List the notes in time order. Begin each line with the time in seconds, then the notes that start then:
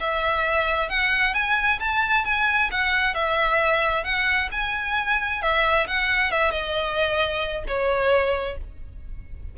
0.00 E5
0.89 F#5
1.34 G#5
1.80 A5
2.25 G#5
2.71 F#5
3.15 E5
4.04 F#5
4.52 G#5
5.42 E5
5.87 F#5
6.31 E5
6.51 D#5
7.67 C#5